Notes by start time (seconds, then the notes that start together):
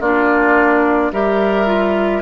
0.00 A#3 D4 F4 D5
1.12 G3 G4 A#4 E5
1.66 F4